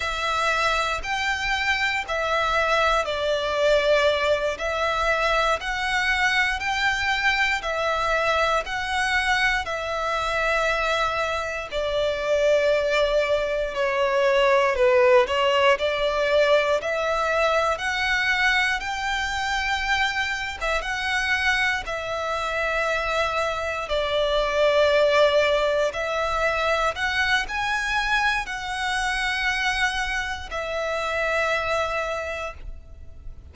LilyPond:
\new Staff \with { instrumentName = "violin" } { \time 4/4 \tempo 4 = 59 e''4 g''4 e''4 d''4~ | d''8 e''4 fis''4 g''4 e''8~ | e''8 fis''4 e''2 d''8~ | d''4. cis''4 b'8 cis''8 d''8~ |
d''8 e''4 fis''4 g''4.~ | g''16 e''16 fis''4 e''2 d''8~ | d''4. e''4 fis''8 gis''4 | fis''2 e''2 | }